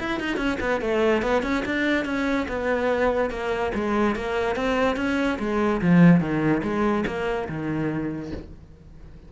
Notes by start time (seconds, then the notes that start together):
0.00 E4
0.20 D#4
0.37 C#4
0.60 B3
0.81 A3
1.23 B3
1.43 C#4
1.66 D4
2.05 C#4
2.48 B3
3.30 A#3
3.75 G#3
4.16 A#3
4.56 C4
4.97 C#4
5.39 G#3
5.82 F3
6.20 D#3
6.63 G#3
7.07 A#3
7.49 D#3